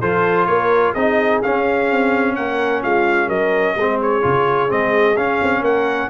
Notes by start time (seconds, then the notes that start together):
0.00 F3 F4 A4 C5
0.46 A#3 A#4 C#5
0.93 C4 D#4 G#4 D#5
1.43 C#4 F5
1.91 C4
2.35 A#3 A#4 F#5
2.82 G#3 F4 F5
3.28 F#3 A#4 D#5
3.76 G#3 C4 G#4
4.01 C#5
4.22 C#3 F4
4.69 G#3 C4 D#5
5.17 C#4 F5
5.42 C4
5.61 A#3 A#4 F#5